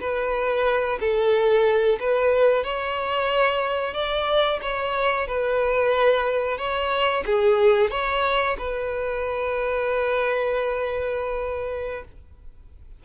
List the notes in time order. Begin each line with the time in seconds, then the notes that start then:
0.00 B4
1.00 A4
2.00 B4
2.63 C#5
3.94 D5
4.62 C#5
5.27 B4
6.58 C#5
7.26 G#4
7.90 C#5
8.58 B4